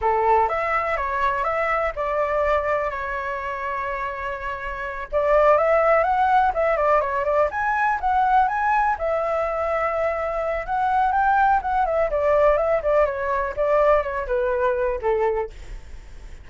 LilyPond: \new Staff \with { instrumentName = "flute" } { \time 4/4 \tempo 4 = 124 a'4 e''4 cis''4 e''4 | d''2 cis''2~ | cis''2~ cis''8 d''4 e''8~ | e''8 fis''4 e''8 d''8 cis''8 d''8 gis''8~ |
gis''8 fis''4 gis''4 e''4.~ | e''2 fis''4 g''4 | fis''8 e''8 d''4 e''8 d''8 cis''4 | d''4 cis''8 b'4. a'4 | }